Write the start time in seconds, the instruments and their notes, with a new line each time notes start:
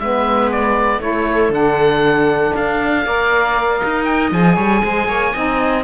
0.00 cello G#3, saxophone B3, viola B4, oboe E5
0.51 oboe D5
1.00 cello A3, saxophone E4, viola A4, oboe C#5
1.50 cello D3, saxophone D4, oboe F#5
2.56 cello D4, oboe F5
3.06 cello A#3, saxophone A#4, viola D5
3.80 cello D#4, viola D#5
4.05 oboe G5
4.31 cello F3, saxophone G#4, oboe G#5
4.56 cello G3, viola C#5
4.84 cello G#3, viola C5
5.08 cello A#3, viola C#5
5.34 cello C4, saxophone D#4, viola D#5